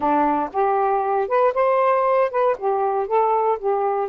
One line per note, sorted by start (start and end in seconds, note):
0.00 0.50 D4
0.53 1.28 G4
1.28 1.53 B4
1.53 2.30 C5
2.30 2.56 B4
2.58 3.07 G4
3.07 3.58 A4
3.58 4.08 G4